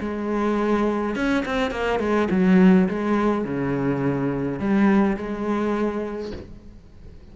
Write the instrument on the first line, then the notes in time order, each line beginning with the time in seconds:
cello
0.00 G#3
1.15 C#4
1.46 C4
1.71 A#3
1.99 G#3
2.31 F#3
2.89 G#3
3.45 C#3
4.59 G3
5.17 G#3